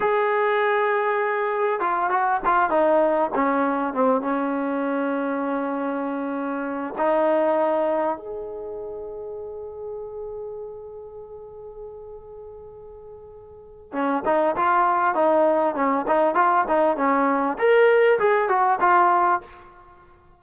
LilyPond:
\new Staff \with { instrumentName = "trombone" } { \time 4/4 \tempo 4 = 99 gis'2. f'8 fis'8 | f'8 dis'4 cis'4 c'8 cis'4~ | cis'2.~ cis'8 dis'8~ | dis'4. gis'2~ gis'8~ |
gis'1~ | gis'2. cis'8 dis'8 | f'4 dis'4 cis'8 dis'8 f'8 dis'8 | cis'4 ais'4 gis'8 fis'8 f'4 | }